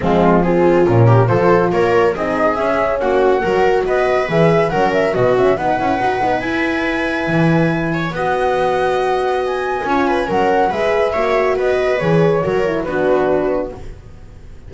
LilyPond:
<<
  \new Staff \with { instrumentName = "flute" } { \time 4/4 \tempo 4 = 140 f'4 gis'4 ais'4 c''4 | cis''4 dis''4 e''4 fis''4~ | fis''4 dis''4 e''4 fis''8 e''8 | dis''8 e''8 fis''2 gis''4~ |
gis''2. fis''4~ | fis''2 gis''2 | fis''4 e''2 dis''4 | cis''2 b'2 | }
  \new Staff \with { instrumentName = "viola" } { \time 4/4 c'4 f'4. g'8 a'4 | ais'4 gis'2 fis'4 | ais'4 b'2 ais'4 | fis'4 b'2.~ |
b'2~ b'8 cis''8 dis''4~ | dis''2. cis''8 b'8 | ais'4 b'4 cis''4 b'4~ | b'4 ais'4 fis'2 | }
  \new Staff \with { instrumentName = "horn" } { \time 4/4 gis4 c'4 cis'4 f'4~ | f'4 dis'4 cis'2 | fis'2 gis'4 cis'4 | b8 cis'8 dis'8 e'8 fis'8 dis'8 e'4~ |
e'2. fis'4~ | fis'2. f'4 | cis'4 gis'4 fis'2 | gis'4 fis'8 e'8 d'2 | }
  \new Staff \with { instrumentName = "double bass" } { \time 4/4 f2 ais,4 f4 | ais4 c'4 cis'4 ais4 | fis4 b4 e4 fis4 | b,4 b8 cis'8 dis'8 b8 e'4~ |
e'4 e2 b4~ | b2. cis'4 | fis4 gis4 ais4 b4 | e4 fis4 b2 | }
>>